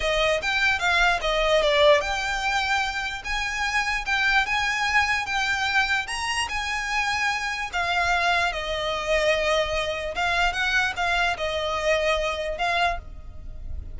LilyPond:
\new Staff \with { instrumentName = "violin" } { \time 4/4 \tempo 4 = 148 dis''4 g''4 f''4 dis''4 | d''4 g''2. | gis''2 g''4 gis''4~ | gis''4 g''2 ais''4 |
gis''2. f''4~ | f''4 dis''2.~ | dis''4 f''4 fis''4 f''4 | dis''2. f''4 | }